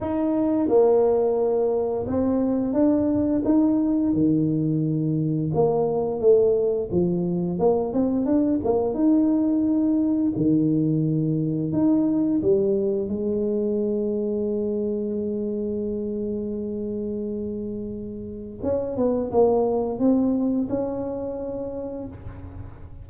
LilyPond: \new Staff \with { instrumentName = "tuba" } { \time 4/4 \tempo 4 = 87 dis'4 ais2 c'4 | d'4 dis'4 dis2 | ais4 a4 f4 ais8 c'8 | d'8 ais8 dis'2 dis4~ |
dis4 dis'4 g4 gis4~ | gis1~ | gis2. cis'8 b8 | ais4 c'4 cis'2 | }